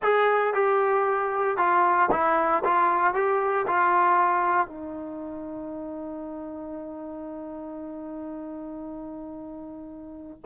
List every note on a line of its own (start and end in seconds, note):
0.02 0.54 G#4
0.54 1.57 G4
1.57 2.09 F4
2.11 2.63 E4
2.64 3.14 F4
3.14 3.66 G4
3.67 4.67 F4
4.67 10.41 D#4